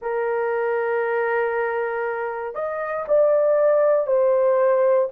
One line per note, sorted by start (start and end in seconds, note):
0.01 2.54 A#4
2.54 3.05 D#5
3.07 4.06 D5
4.06 5.08 C5